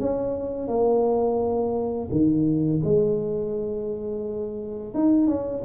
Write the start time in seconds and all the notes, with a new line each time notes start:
0.00 C#4
0.68 A#3
2.11 D#3
2.84 G#3
4.94 D#4
5.27 C#4